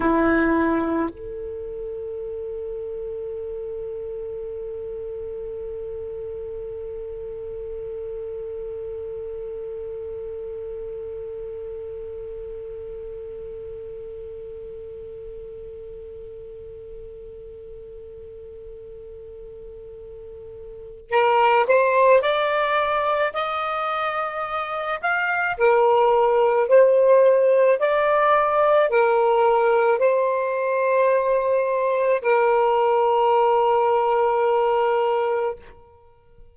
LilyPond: \new Staff \with { instrumentName = "saxophone" } { \time 4/4 \tempo 4 = 54 e'4 a'2.~ | a'1~ | a'1~ | a'1~ |
a'2. ais'8 c''8 | d''4 dis''4. f''8 ais'4 | c''4 d''4 ais'4 c''4~ | c''4 ais'2. | }